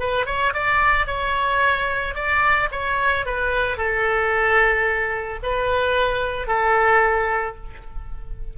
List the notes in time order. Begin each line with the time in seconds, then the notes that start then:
0.00 B4
0.27 C#5
0.54 D5
1.07 C#5
2.15 D5
2.72 C#5
3.26 B4
3.78 A4
5.43 B4
6.48 A4